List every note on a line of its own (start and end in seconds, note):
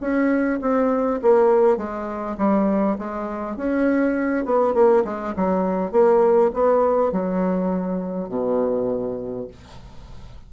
0.00 0.59 C#4
0.61 1.20 C4
1.22 1.77 A#3
1.77 2.36 G#3
2.37 2.97 G3
2.98 3.56 G#3
3.56 4.45 C#4
4.45 4.74 B3
4.74 5.03 A#3
5.04 5.34 G#3
5.36 5.91 F#3
5.91 6.51 A#3
6.53 7.12 B3
7.12 8.28 F#3
8.28 9.47 B2